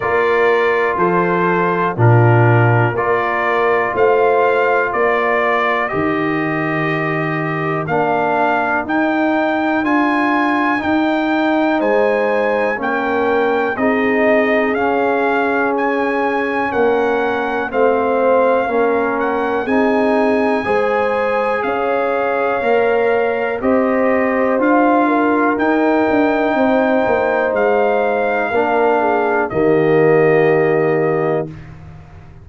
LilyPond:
<<
  \new Staff \with { instrumentName = "trumpet" } { \time 4/4 \tempo 4 = 61 d''4 c''4 ais'4 d''4 | f''4 d''4 dis''2 | f''4 g''4 gis''4 g''4 | gis''4 g''4 dis''4 f''4 |
gis''4 fis''4 f''4. fis''8 | gis''2 f''2 | dis''4 f''4 g''2 | f''2 dis''2 | }
  \new Staff \with { instrumentName = "horn" } { \time 4/4 ais'4 a'4 f'4 ais'4 | c''4 ais'2.~ | ais'1 | c''4 ais'4 gis'2~ |
gis'4 ais'4 c''4 ais'4 | gis'4 c''4 cis''2 | c''4. ais'4. c''4~ | c''4 ais'8 gis'8 g'2 | }
  \new Staff \with { instrumentName = "trombone" } { \time 4/4 f'2 d'4 f'4~ | f'2 g'2 | d'4 dis'4 f'4 dis'4~ | dis'4 cis'4 dis'4 cis'4~ |
cis'2 c'4 cis'4 | dis'4 gis'2 ais'4 | g'4 f'4 dis'2~ | dis'4 d'4 ais2 | }
  \new Staff \with { instrumentName = "tuba" } { \time 4/4 ais4 f4 ais,4 ais4 | a4 ais4 dis2 | ais4 dis'4 d'4 dis'4 | gis4 ais4 c'4 cis'4~ |
cis'4 ais4 a4 ais4 | c'4 gis4 cis'4 ais4 | c'4 d'4 dis'8 d'8 c'8 ais8 | gis4 ais4 dis2 | }
>>